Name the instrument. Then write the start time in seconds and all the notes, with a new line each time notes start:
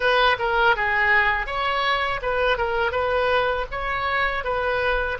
oboe
0.00 B4
0.39 A#4
0.76 G#4
1.46 C#5
2.22 B4
2.57 A#4
2.91 B4
3.71 C#5
4.43 B4